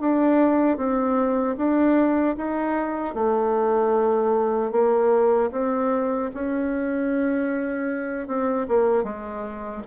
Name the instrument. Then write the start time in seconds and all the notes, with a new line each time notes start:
bassoon
0.00 D4
0.77 C4
1.57 D4
2.37 D#4
3.14 A3
4.71 A#3
5.52 C4
6.34 C#4
8.27 C4
8.68 A#3
9.03 G#3